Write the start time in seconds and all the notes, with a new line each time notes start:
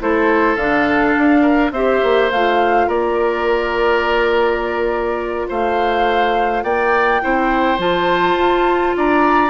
0.00 A3 E4 A4 C5
0.55 D3 D4 F5
1.18 D4
1.42 A#4
1.71 C4 G4 C5 E5
2.03 A#3
2.31 A3 F4 F5
2.87 A#3 A#4 D5
5.48 A3 C5 F5
6.63 A#3 D5 G5
7.22 C4 E4 C5
7.78 F3 F4 A5
8.34 F4
8.97 D4 D5 A#5